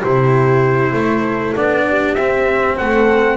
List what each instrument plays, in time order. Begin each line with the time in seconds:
0.00 double bass C3, cello E4, horn G4, trumpet C5
0.92 double bass A3, horn A4
1.55 double bass B3, cello D4, trumpet D5
1.88 horn G4
2.14 double bass C4, cello C4, trumpet E5
2.77 double bass A3, horn A4, trumpet F#5